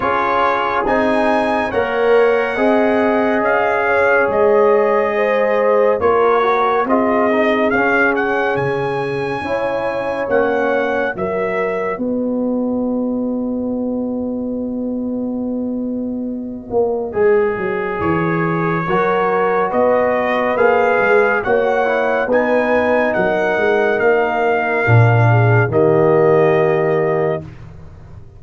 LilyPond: <<
  \new Staff \with { instrumentName = "trumpet" } { \time 4/4 \tempo 4 = 70 cis''4 gis''4 fis''2 | f''4 dis''2 cis''4 | dis''4 f''8 fis''8 gis''2 | fis''4 e''4 dis''2~ |
dis''1~ | dis''4 cis''2 dis''4 | f''4 fis''4 gis''4 fis''4 | f''2 dis''2 | }
  \new Staff \with { instrumentName = "horn" } { \time 4/4 gis'2 cis''4 dis''4~ | dis''8 cis''4. c''4 ais'4 | gis'2. cis''4~ | cis''4 ais'4 b'2~ |
b'1~ | b'2 ais'4 b'4~ | b'4 cis''4 b'4 ais'4~ | ais'4. gis'8 g'2 | }
  \new Staff \with { instrumentName = "trombone" } { \time 4/4 f'4 dis'4 ais'4 gis'4~ | gis'2. f'8 fis'8 | f'8 dis'8 cis'2 e'4 | cis'4 fis'2.~ |
fis'1 | gis'2 fis'2 | gis'4 fis'8 e'8 dis'2~ | dis'4 d'4 ais2 | }
  \new Staff \with { instrumentName = "tuba" } { \time 4/4 cis'4 c'4 ais4 c'4 | cis'4 gis2 ais4 | c'4 cis'4 cis4 cis'4 | ais4 fis4 b2~ |
b2.~ b8 ais8 | gis8 fis8 e4 fis4 b4 | ais8 gis8 ais4 b4 fis8 gis8 | ais4 ais,4 dis2 | }
>>